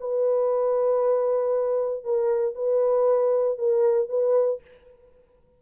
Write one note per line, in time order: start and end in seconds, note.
0.00 2.04 B4
2.04 2.55 A#4
2.55 3.58 B4
3.58 4.09 A#4
4.09 4.61 B4